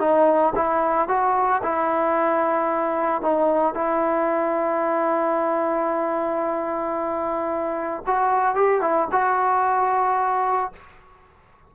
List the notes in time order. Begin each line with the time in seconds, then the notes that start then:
0.00 D#4
0.56 E4
1.09 F#4
1.63 E4
3.22 D#4
3.75 E4
8.07 F#4
8.55 G4
8.81 E4
9.12 F#4